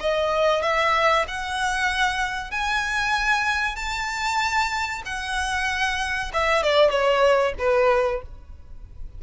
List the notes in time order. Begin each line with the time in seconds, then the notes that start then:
0.00 D#5
0.62 E5
1.28 F#5
2.51 G#5
3.76 A5
5.05 F#5
6.33 E5
6.63 D5
6.90 C#5
7.58 B4